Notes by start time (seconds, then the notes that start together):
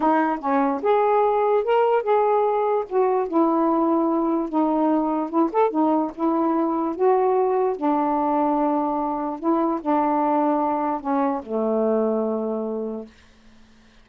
0.00 D#4
0.40 C#4
0.82 G#4
1.64 A#4
2.02 G#4
2.89 F#4
3.28 E4
4.49 D#4
5.29 E4
5.52 A4
5.70 D#4
6.14 E4
6.95 F#4
7.76 D4
9.39 E4
9.81 D4
11.01 C#4
11.42 A3